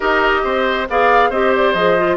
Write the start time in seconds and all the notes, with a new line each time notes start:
0.00 D#4 G4 A#4 D#5
0.44 C4 C5
0.89 B3 G#4 D5 F5
1.30 C4 G4 C5 D#5
1.55 D5
1.74 F3 G#4 D#5
1.97 F4